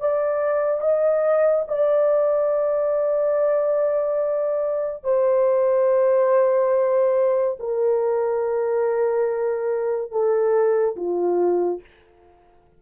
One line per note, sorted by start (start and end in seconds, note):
0.00 0.81 D5
0.81 1.65 D#5
1.67 5.04 D5
5.04 7.57 C5
7.59 10.11 A#4
10.11 10.96 A4
10.96 11.80 F4